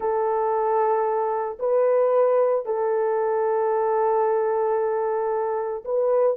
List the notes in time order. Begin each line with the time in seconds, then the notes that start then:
0.00 A4
1.59 B4
2.65 A4
5.84 B4